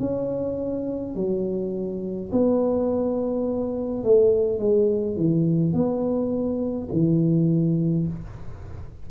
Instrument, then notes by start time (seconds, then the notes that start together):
tuba
0.00 C#4
1.16 F#3
2.33 B3
4.04 A3
4.59 G#3
5.17 E3
5.74 B3
6.92 E3